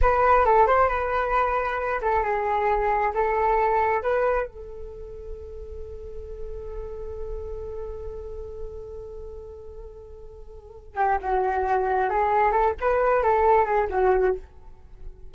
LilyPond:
\new Staff \with { instrumentName = "flute" } { \time 4/4 \tempo 4 = 134 b'4 a'8 c''8 b'2~ | b'8 a'8 gis'2 a'4~ | a'4 b'4 a'2~ | a'1~ |
a'1~ | a'1~ | a'8 g'8 fis'2 gis'4 | a'8 b'4 a'4 gis'8 fis'4 | }